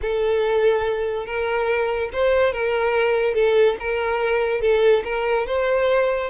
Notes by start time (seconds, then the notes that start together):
0.01 A4
1.25 A#4
2.12 C5
2.53 A#4
3.34 A4
3.79 A#4
4.61 A4
5.04 A#4
5.46 C5